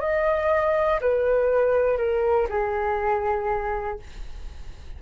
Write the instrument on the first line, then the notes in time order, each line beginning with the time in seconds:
flute
0.00 D#5
1.00 B4
1.98 A#4
2.49 G#4